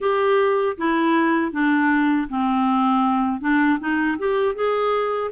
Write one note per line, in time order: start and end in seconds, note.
0.00 0.76 G4
0.77 1.52 E4
1.52 2.28 D4
2.29 3.40 C4
3.40 3.78 D4
3.79 4.17 D#4
4.18 4.54 G4
4.54 5.30 G#4